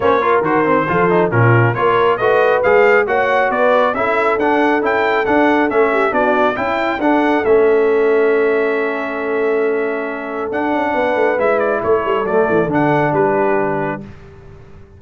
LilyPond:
<<
  \new Staff \with { instrumentName = "trumpet" } { \time 4/4 \tempo 4 = 137 cis''4 c''2 ais'4 | cis''4 dis''4 f''4 fis''4 | d''4 e''4 fis''4 g''4 | fis''4 e''4 d''4 g''4 |
fis''4 e''2.~ | e''1 | fis''2 e''8 d''8 cis''4 | d''4 fis''4 b'2 | }
  \new Staff \with { instrumentName = "horn" } { \time 4/4 c''8 ais'4. a'4 f'4 | ais'4 b'2 cis''4 | b'4 a'2.~ | a'4. g'8 fis'4 e'4 |
a'1~ | a'1~ | a'4 b'2 a'4~ | a'2 g'2 | }
  \new Staff \with { instrumentName = "trombone" } { \time 4/4 cis'8 f'8 fis'8 c'8 f'8 dis'8 cis'4 | f'4 fis'4 gis'4 fis'4~ | fis'4 e'4 d'4 e'4 | d'4 cis'4 d'4 e'4 |
d'4 cis'2.~ | cis'1 | d'2 e'2 | a4 d'2. | }
  \new Staff \with { instrumentName = "tuba" } { \time 4/4 ais4 dis4 f4 ais,4 | ais4 a4 gis4 ais4 | b4 cis'4 d'4 cis'4 | d'4 a4 b4 cis'4 |
d'4 a2.~ | a1 | d'8 cis'8 b8 a8 gis4 a8 g8 | fis8 e8 d4 g2 | }
>>